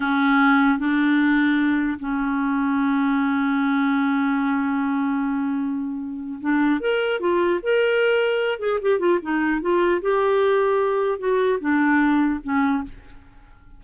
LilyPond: \new Staff \with { instrumentName = "clarinet" } { \time 4/4 \tempo 4 = 150 cis'2 d'2~ | d'4 cis'2.~ | cis'1~ | cis'1 |
d'4 ais'4 f'4 ais'4~ | ais'4. gis'8 g'8 f'8 dis'4 | f'4 g'2. | fis'4 d'2 cis'4 | }